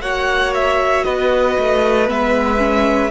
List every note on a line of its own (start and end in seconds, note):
0.00 1.03 A#3
0.00 2.06 F#4
0.00 1.05 C#5
0.00 0.53 F#5
0.54 1.03 E5
1.03 1.57 B3
1.03 3.10 B4
1.03 2.07 D#5
1.58 2.09 A3
2.06 3.10 G#3
2.06 2.57 B3
2.06 3.10 E5
2.57 3.09 C#4